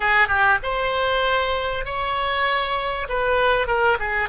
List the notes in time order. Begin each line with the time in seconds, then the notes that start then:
0.00 G#4
0.28 G4
0.62 C5
1.85 C#5
3.08 B4
3.67 A#4
3.99 G#4